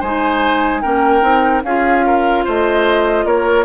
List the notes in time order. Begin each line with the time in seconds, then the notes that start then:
0.00 G#3 D#4 C5 G#5
0.81 A#3 C#4 A#4 G5
1.21 C4 D#4
1.63 C#4 F4 G#4 F5
2.06 A#4
2.44 A3 C5 D#5
3.24 A#3 A#4 C#5